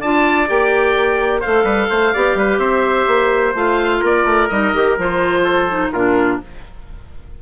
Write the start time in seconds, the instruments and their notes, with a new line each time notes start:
0.00 bassoon D4, clarinet F4, trumpet D5, oboe A5
0.47 bassoon A#3, clarinet G4, oboe G5
1.39 clarinet A4, trumpet C5, oboe F5
1.46 bassoon A3
1.63 bassoon G3, trumpet B4
1.89 bassoon A3, trumpet C5
2.13 bassoon B3, clarinet G4, trumpet D5
2.35 bassoon G3, trumpet B4
2.58 bassoon C4, trumpet C5, oboe E5
3.07 bassoon A#3
3.54 bassoon A3, clarinet F4, oboe F5
4.00 bassoon A#3, trumpet A#4, oboe D5
4.24 bassoon A3
4.48 bassoon G3, clarinet D#4, oboe D#5
4.73 bassoon D#3, clarinet G4
4.97 bassoon F3, clarinet F4, oboe C5
5.44 trumpet A4
5.69 clarinet D#4
5.92 bassoon A#2, clarinet D4, trumpet F4, oboe A#4